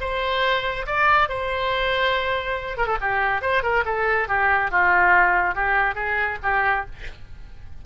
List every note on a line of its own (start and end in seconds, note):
0.00 0.86 C5
0.86 1.29 D5
1.29 2.77 C5
2.77 2.86 A#4
2.86 2.97 A4
3.01 3.41 G4
3.41 3.62 C5
3.62 3.84 A#4
3.85 4.28 A4
4.28 4.70 G4
4.70 5.55 F4
5.55 5.95 G4
5.95 6.38 G#4
6.42 6.85 G4